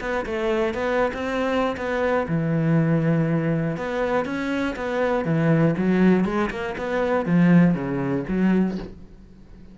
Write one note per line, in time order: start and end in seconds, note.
0.00 0.25 B3
0.25 0.74 A3
0.74 1.11 B3
1.13 1.76 C4
1.77 2.27 B3
2.28 3.76 E3
3.76 4.25 B3
4.25 4.75 C#4
4.76 5.25 B3
5.25 5.75 E3
5.77 6.25 F#3
6.25 6.50 G#3
6.50 6.75 A#3
6.77 7.25 B3
7.25 7.74 F3
7.74 8.24 C#3
8.28 8.78 F#3